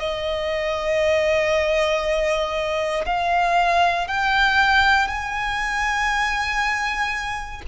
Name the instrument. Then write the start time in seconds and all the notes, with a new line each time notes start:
violin
0.00 D#5
3.06 F5
4.08 G5
5.08 G#5